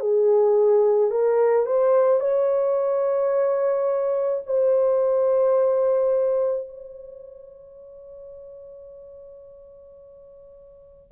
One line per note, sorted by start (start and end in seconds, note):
0.00 1.11 G#4
1.11 1.66 A#4
1.66 2.20 C5
2.20 4.42 C#5
4.46 6.68 C5
6.68 11.12 C#5